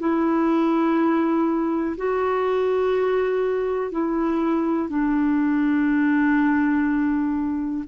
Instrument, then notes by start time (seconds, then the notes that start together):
clarinet
0.00 E4
1.97 F#4
3.92 E4
4.90 D4